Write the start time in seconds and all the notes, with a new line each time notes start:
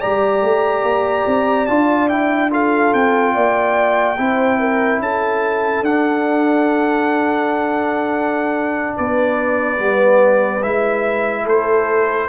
0.00 G3 G4 D5 A#5
0.42 A3
0.83 A#3
1.27 C4
1.67 D4 F4 A5
2.09 E4 G5
2.50 F4 A4 F5
2.93 C4 G5
3.34 A#3 D5
4.18 C4 E4 C5
4.60 A#4
4.99 C#4 A4 A5
5.82 D4 F#5
8.96 B3 B4 D5
9.78 G3 B3
10.62 G#3 E4 E5
11.43 A3 A4 C5